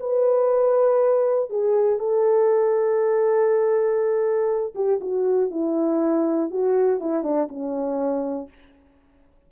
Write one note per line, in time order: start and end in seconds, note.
0.00 1.50 B4
1.50 1.99 G#4
1.99 4.74 A4
4.75 5.00 G4
5.01 5.51 F#4
5.51 6.51 E4
6.51 7.00 F#4
7.00 7.23 E4
7.23 7.48 D4
7.49 8.49 C#4